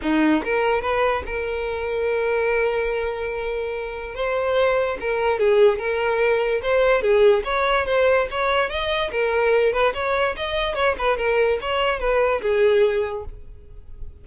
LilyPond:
\new Staff \with { instrumentName = "violin" } { \time 4/4 \tempo 4 = 145 dis'4 ais'4 b'4 ais'4~ | ais'1~ | ais'2 c''2 | ais'4 gis'4 ais'2 |
c''4 gis'4 cis''4 c''4 | cis''4 dis''4 ais'4. b'8 | cis''4 dis''4 cis''8 b'8 ais'4 | cis''4 b'4 gis'2 | }